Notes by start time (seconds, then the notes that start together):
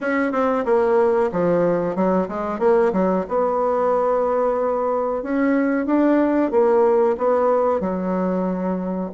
0.01 C#4
0.31 C4
0.65 A#3
1.32 F3
1.95 F#3
2.28 G#3
2.59 A#3
2.93 F#3
3.28 B3
5.22 C#4
5.85 D4
6.51 A#3
7.17 B3
7.80 F#3